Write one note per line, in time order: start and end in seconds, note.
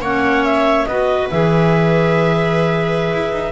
0.00 0.85 A#3
0.00 0.88 C#4
0.00 0.86 C#5
0.00 0.44 F#5
0.44 0.85 E5
0.85 1.30 B3
0.85 1.31 F#4
0.85 3.52 B4
0.85 1.28 D#5
1.30 3.12 E3
1.30 3.52 G#4
1.30 3.52 E5
3.13 3.32 E4
3.32 3.52 D#4